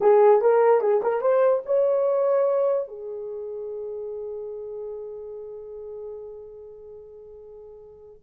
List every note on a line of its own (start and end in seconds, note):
0.00 0.41 G#4
0.41 0.80 A#4
0.80 1.01 G#4
1.02 1.21 A#4
1.21 1.62 C5
1.65 2.87 C#5
2.87 8.22 G#4